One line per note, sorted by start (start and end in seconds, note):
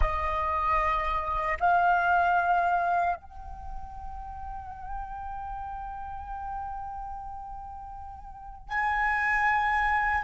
0.00 1.58 D#5
1.60 3.16 F5
3.16 8.68 G5
8.68 10.23 G#5